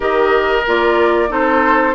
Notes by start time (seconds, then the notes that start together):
0.00 D#3 G4 A#4 D#5
0.67 A#3 F4 D5
1.28 C4 D#4 A4 C5